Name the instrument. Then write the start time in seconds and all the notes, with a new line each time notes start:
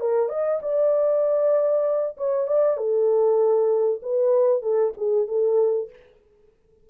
horn
0.00 A#4
0.28 D#5
0.62 D5
2.16 C#5
2.47 D5
2.77 A4
4.02 B4
4.62 A4
4.97 G#4
5.27 A4